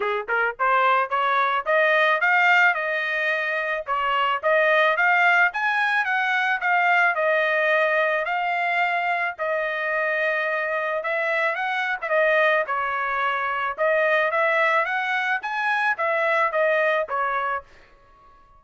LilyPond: \new Staff \with { instrumentName = "trumpet" } { \time 4/4 \tempo 4 = 109 gis'8 ais'8 c''4 cis''4 dis''4 | f''4 dis''2 cis''4 | dis''4 f''4 gis''4 fis''4 | f''4 dis''2 f''4~ |
f''4 dis''2. | e''4 fis''8. e''16 dis''4 cis''4~ | cis''4 dis''4 e''4 fis''4 | gis''4 e''4 dis''4 cis''4 | }